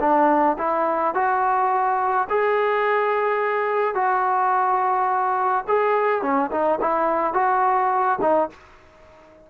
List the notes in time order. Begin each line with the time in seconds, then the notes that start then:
0.00 D4
0.58 E4
1.14 F#4
2.30 G#4
3.94 F#4
5.68 G#4
6.22 C#4
6.51 D#4
6.81 E4
7.34 F#4
8.21 D#4